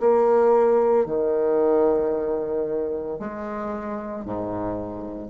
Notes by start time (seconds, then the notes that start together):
0.00 A#3
1.06 D#3
3.20 G#3
4.25 G#2